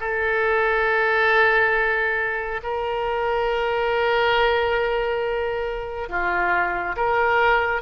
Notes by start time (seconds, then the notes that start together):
0.00 A4
2.63 A#4
6.09 F4
6.96 A#4